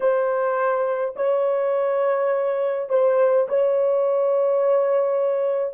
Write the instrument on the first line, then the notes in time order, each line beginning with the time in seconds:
horn
0.00 C5
1.15 C#5
2.88 C5
3.48 C#5